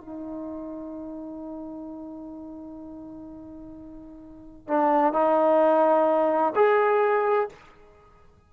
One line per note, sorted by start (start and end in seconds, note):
0.00 4.68 D#4
4.68 5.13 D4
5.13 6.53 D#4
6.55 7.49 G#4